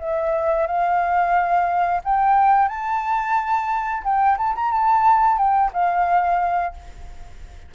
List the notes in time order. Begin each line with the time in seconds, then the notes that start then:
0.00 E5
0.67 F5
2.05 G5
2.69 A5
4.04 G5
4.38 A5
4.55 A#5
4.72 A5
5.38 G5
5.73 F5